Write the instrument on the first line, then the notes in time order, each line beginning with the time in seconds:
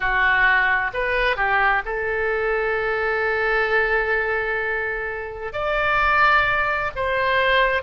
oboe
0.00 F#4
0.93 B4
1.36 G4
1.85 A4
5.52 D5
6.95 C5